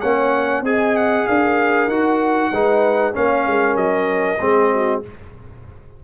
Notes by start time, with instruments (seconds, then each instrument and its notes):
0.00 tuba A#3, trombone C#4, horn C#5, trumpet F#5
0.61 tuba C4, trombone G#4, horn D#5, trumpet G#5
0.96 trumpet F#5
1.27 tuba D4, horn A#4, trumpet F5
1.87 tuba D#4, trombone F#4, trumpet F#5
2.51 tuba G#3, trombone D#4, horn B4
3.13 tuba A#3, trombone C#4, horn C#5, trumpet F5
3.46 tuba G#3, horn A#4
3.75 tuba F#3, trumpet D#5
4.40 tuba G#3, trombone C4, horn G#4
4.73 horn F#4